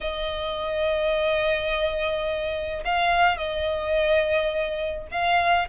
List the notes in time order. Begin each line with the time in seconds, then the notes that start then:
0.01 D#5
2.85 F5
3.37 D#5
5.11 F5